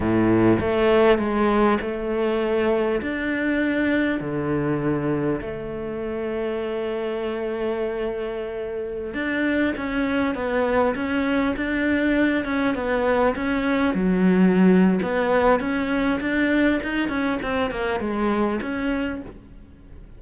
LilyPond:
\new Staff \with { instrumentName = "cello" } { \time 4/4 \tempo 4 = 100 a,4 a4 gis4 a4~ | a4 d'2 d4~ | d4 a2.~ | a2.~ a16 d'8.~ |
d'16 cis'4 b4 cis'4 d'8.~ | d'8. cis'8 b4 cis'4 fis8.~ | fis4 b4 cis'4 d'4 | dis'8 cis'8 c'8 ais8 gis4 cis'4 | }